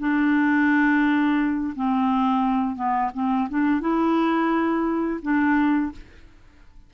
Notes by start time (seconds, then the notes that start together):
0.00 D4
1.76 C4
2.76 B3
3.14 C4
3.50 D4
3.81 E4
5.23 D4